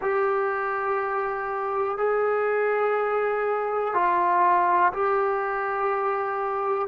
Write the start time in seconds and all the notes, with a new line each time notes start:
0.01 G4
1.97 G#4
3.93 F4
4.92 G4